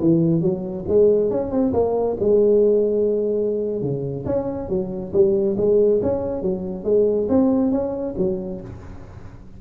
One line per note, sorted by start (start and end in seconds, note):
0.00 0.41 E3
0.41 0.85 F#3
0.88 1.30 G#3
1.30 1.51 C#4
1.51 1.73 C4
1.73 2.17 A#3
2.20 3.81 G#3
3.81 4.25 C#3
4.25 4.68 C#4
4.68 5.12 F#3
5.12 5.56 G3
5.57 6.00 G#3
6.02 6.42 C#4
6.42 6.84 F#3
6.84 7.27 G#3
7.28 7.71 C4
7.71 8.15 C#4
8.17 8.61 F#3